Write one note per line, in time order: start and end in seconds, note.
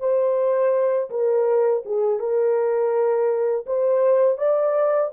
0.00 1.10 C5
1.10 1.84 A#4
1.86 2.19 G#4
2.19 3.66 A#4
3.66 4.38 C5
4.38 5.11 D5